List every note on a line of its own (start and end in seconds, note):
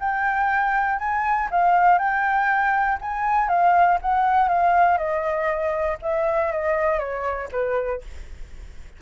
0.00 0.99 G5
0.99 1.49 G#5
1.50 1.98 F5
1.98 2.98 G5
3.01 3.48 G#5
3.48 3.98 F5
4.02 4.48 F#5
4.48 4.98 F5
4.98 5.98 D#5
6.02 6.52 E5
6.52 6.99 D#5
6.99 7.49 C#5
7.51 8.01 B4